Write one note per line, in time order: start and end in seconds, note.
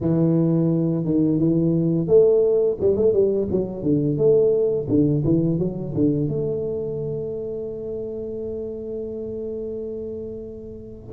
0.00 1.04 E3
1.04 1.38 D#3
1.38 2.07 E3
2.07 2.77 A3
2.80 2.96 G3
2.96 3.13 A3
3.13 3.48 G3
3.51 3.82 F#3
3.82 4.17 D3
4.17 4.87 A3
4.88 5.23 D3
5.24 5.58 E3
5.58 5.93 F#3
5.94 6.28 D3
6.28 11.13 A3